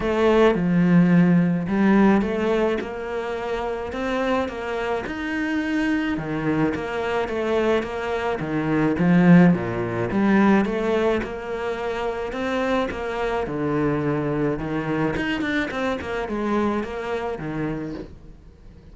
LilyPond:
\new Staff \with { instrumentName = "cello" } { \time 4/4 \tempo 4 = 107 a4 f2 g4 | a4 ais2 c'4 | ais4 dis'2 dis4 | ais4 a4 ais4 dis4 |
f4 ais,4 g4 a4 | ais2 c'4 ais4 | d2 dis4 dis'8 d'8 | c'8 ais8 gis4 ais4 dis4 | }